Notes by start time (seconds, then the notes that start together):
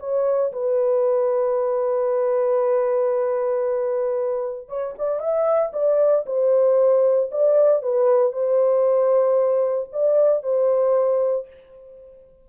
0.00 C#5
0.53 B4
4.69 C#5
4.99 D5
5.20 E5
5.73 D5
6.26 C5
7.32 D5
7.83 B4
8.33 C5
9.93 D5
10.43 C5